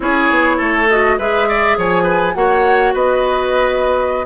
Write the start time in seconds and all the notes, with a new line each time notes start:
0.00 C#4 E4 G#4 C#5
0.30 B3
0.57 A3 A4
0.89 F#4 D#5
1.18 G#3 G#4 B4 E5
1.48 D5
1.77 F3 C#5 G#5
2.03 B4
2.34 A#3 F#4 C#5 F#5
2.93 B3 B4 D#5